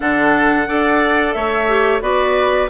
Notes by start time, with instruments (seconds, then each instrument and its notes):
0.00 bassoon D3, clarinet D4, oboe A4, flute F#5
0.66 bassoon D4, clarinet A4, oboe D5
1.32 bassoon A3, oboe C#5, flute E5
1.68 clarinet G4
2.00 bassoon B3, clarinet F#4, oboe B4, flute D5